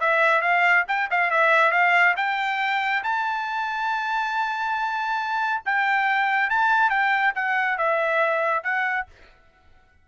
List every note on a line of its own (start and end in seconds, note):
0.00 0.41 E5
0.41 0.84 F5
0.87 1.09 G5
1.10 1.30 F5
1.30 1.71 E5
1.71 2.14 F5
2.16 3.02 G5
3.03 5.62 A5
5.65 6.49 G5
6.49 6.89 A5
6.89 7.33 G5
7.35 7.77 F#5
7.77 8.63 E5
8.63 9.06 F#5